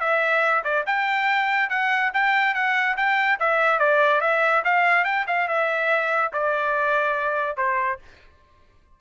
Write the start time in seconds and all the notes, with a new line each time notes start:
0.00 E5
0.64 D5
0.86 G5
1.69 F#5
2.13 G5
2.54 F#5
2.97 G5
3.39 E5
3.79 D5
4.21 E5
4.64 F5
5.04 G5
5.27 F5
5.48 E5
6.33 D5
7.57 C5